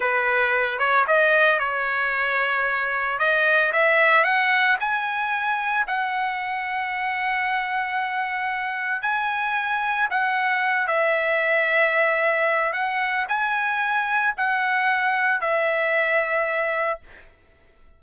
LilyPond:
\new Staff \with { instrumentName = "trumpet" } { \time 4/4 \tempo 4 = 113 b'4. cis''8 dis''4 cis''4~ | cis''2 dis''4 e''4 | fis''4 gis''2 fis''4~ | fis''1~ |
fis''4 gis''2 fis''4~ | fis''8 e''2.~ e''8 | fis''4 gis''2 fis''4~ | fis''4 e''2. | }